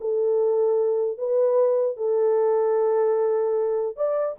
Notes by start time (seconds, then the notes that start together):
0.00 A4
1.17 B4
1.96 A4
3.96 D5